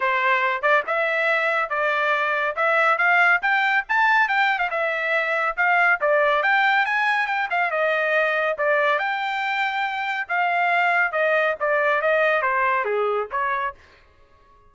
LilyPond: \new Staff \with { instrumentName = "trumpet" } { \time 4/4 \tempo 4 = 140 c''4. d''8 e''2 | d''2 e''4 f''4 | g''4 a''4 g''8. f''16 e''4~ | e''4 f''4 d''4 g''4 |
gis''4 g''8 f''8 dis''2 | d''4 g''2. | f''2 dis''4 d''4 | dis''4 c''4 gis'4 cis''4 | }